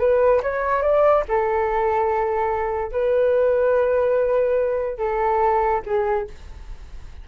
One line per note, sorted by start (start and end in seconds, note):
0.00 0.42 B4
0.43 0.83 C#5
0.83 1.24 D5
1.29 2.92 A4
2.92 4.99 B4
4.99 5.82 A4
5.86 6.28 G#4